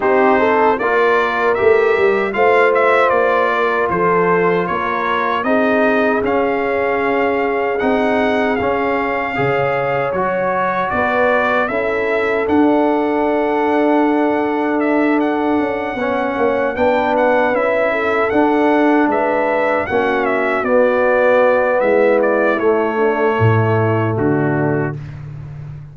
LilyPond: <<
  \new Staff \with { instrumentName = "trumpet" } { \time 4/4 \tempo 4 = 77 c''4 d''4 e''4 f''8 e''8 | d''4 c''4 cis''4 dis''4 | f''2 fis''4 f''4~ | f''4 cis''4 d''4 e''4 |
fis''2. e''8 fis''8~ | fis''4. g''8 fis''8 e''4 fis''8~ | fis''8 e''4 fis''8 e''8 d''4. | e''8 d''8 cis''2 fis'4 | }
  \new Staff \with { instrumentName = "horn" } { \time 4/4 g'8 a'8 ais'2 c''4~ | c''8 ais'8 a'4 ais'4 gis'4~ | gis'1 | cis''2 b'4 a'4~ |
a'1~ | a'8 cis''4 b'4. a'4~ | a'8 b'4 fis'2~ fis'8 | e'4. d'8 e'4 d'4 | }
  \new Staff \with { instrumentName = "trombone" } { \time 4/4 dis'4 f'4 g'4 f'4~ | f'2. dis'4 | cis'2 dis'4 cis'4 | gis'4 fis'2 e'4 |
d'1~ | d'8 cis'4 d'4 e'4 d'8~ | d'4. cis'4 b4.~ | b4 a2. | }
  \new Staff \with { instrumentName = "tuba" } { \time 4/4 c'4 ais4 a8 g8 a4 | ais4 f4 ais4 c'4 | cis'2 c'4 cis'4 | cis4 fis4 b4 cis'4 |
d'1 | cis'8 b8 ais8 b4 cis'4 d'8~ | d'8 gis4 ais4 b4. | gis4 a4 a,4 d4 | }
>>